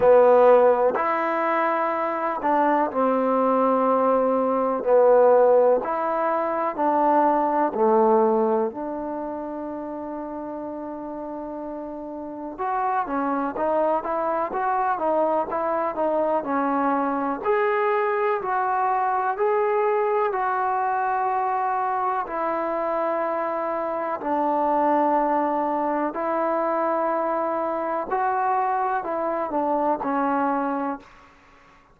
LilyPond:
\new Staff \with { instrumentName = "trombone" } { \time 4/4 \tempo 4 = 62 b4 e'4. d'8 c'4~ | c'4 b4 e'4 d'4 | a4 d'2.~ | d'4 fis'8 cis'8 dis'8 e'8 fis'8 dis'8 |
e'8 dis'8 cis'4 gis'4 fis'4 | gis'4 fis'2 e'4~ | e'4 d'2 e'4~ | e'4 fis'4 e'8 d'8 cis'4 | }